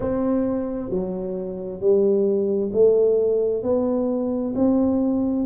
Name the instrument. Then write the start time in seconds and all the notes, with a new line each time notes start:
tuba
0.00 C4
0.90 F#3
1.80 G3
2.73 A3
3.62 B3
4.55 C4